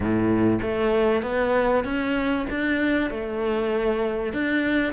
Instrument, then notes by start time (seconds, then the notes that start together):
cello
0.00 A2
0.62 A3
1.22 B3
1.84 C#4
2.50 D4
3.10 A3
4.33 D4